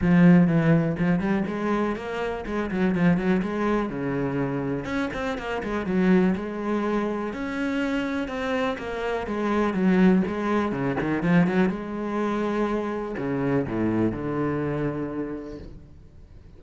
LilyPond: \new Staff \with { instrumentName = "cello" } { \time 4/4 \tempo 4 = 123 f4 e4 f8 g8 gis4 | ais4 gis8 fis8 f8 fis8 gis4 | cis2 cis'8 c'8 ais8 gis8 | fis4 gis2 cis'4~ |
cis'4 c'4 ais4 gis4 | fis4 gis4 cis8 dis8 f8 fis8 | gis2. cis4 | a,4 d2. | }